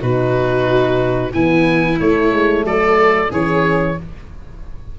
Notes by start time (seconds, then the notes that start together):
0.00 B2 D#4 F#4 B4
1.33 E3 B3 E4 G#5
1.97 A3 C#5
2.32 G#3
2.64 F#3 A4 D5
3.31 E3 C#4 G#4 C#5